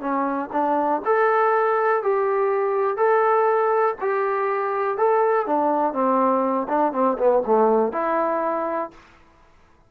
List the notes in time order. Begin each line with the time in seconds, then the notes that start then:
0.00 C#4
0.52 D4
1.05 A4
2.03 G4
2.96 A4
4.00 G4
4.97 A4
5.46 D4
5.93 C4
6.68 D4
6.92 C4
7.18 B3
7.46 A3
7.92 E4